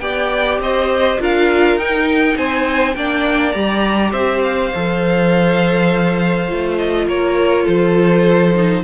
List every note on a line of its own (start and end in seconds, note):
0.00 0.59 B3
0.00 1.20 G4
0.00 0.61 D5
0.00 0.59 G5
0.59 1.18 C4
0.59 1.21 C5
0.59 1.21 D#5
1.20 1.76 D4
1.20 1.79 F4
1.20 2.36 A#4
1.20 1.79 F5
1.76 2.35 D#4
1.76 2.96 D#4
1.76 2.37 G5
2.36 2.96 C4
2.36 2.95 C5
2.36 2.95 G#5
2.95 3.55 A#3
2.95 3.54 D4
2.95 4.12 D5
2.95 3.52 G5
3.52 4.13 G3
3.52 4.71 G4
3.52 4.11 A#5
4.12 4.71 C4
4.12 7.06 C5
4.12 4.42 E5
4.43 6.78 F5
4.75 6.51 F3
4.75 6.49 A4
6.49 7.07 A3
6.49 8.55 F4
6.78 7.07 D#5
7.07 7.66 A#3
7.07 7.64 A#4
7.07 7.67 C#5
7.64 8.84 F3
7.64 8.82 A4
7.64 8.84 C5
8.55 8.84 D#4